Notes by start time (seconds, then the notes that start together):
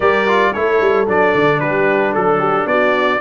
0.00 G3 G4 A#4 D5
0.27 F4
0.53 A3 E4 A4 C#5
0.80 G3
1.06 F#3 D4 D5
1.35 D3
1.60 G3 G4 B4
2.13 F#3 A4
2.39 G4
2.66 B3 F#4 D5